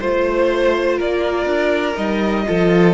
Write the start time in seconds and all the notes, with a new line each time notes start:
0.00 A3 F4 C5
0.97 A#3 A#4 D5
1.46 D4
1.95 G3 D#4 D#5
2.46 F3 F4 A4